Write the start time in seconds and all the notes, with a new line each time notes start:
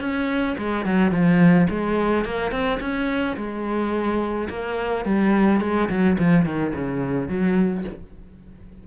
0.00 C#4
0.58 G#3
0.85 F#3
1.11 F3
1.70 G#3
2.25 A#3
2.52 C4
2.80 C#4
3.36 G#3
4.49 A#3
5.05 G3
5.61 G#3
5.90 F#3
6.19 F3
6.45 D#3
6.75 C#3
7.28 F#3